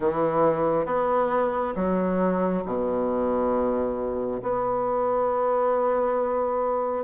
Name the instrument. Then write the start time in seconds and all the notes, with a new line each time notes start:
bassoon
0.00 E3
0.85 B3
1.75 F#3
2.65 B2
4.42 B3